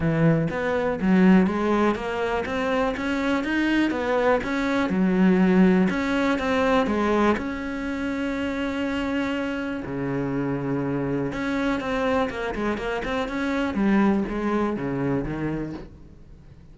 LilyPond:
\new Staff \with { instrumentName = "cello" } { \time 4/4 \tempo 4 = 122 e4 b4 fis4 gis4 | ais4 c'4 cis'4 dis'4 | b4 cis'4 fis2 | cis'4 c'4 gis4 cis'4~ |
cis'1 | cis2. cis'4 | c'4 ais8 gis8 ais8 c'8 cis'4 | g4 gis4 cis4 dis4 | }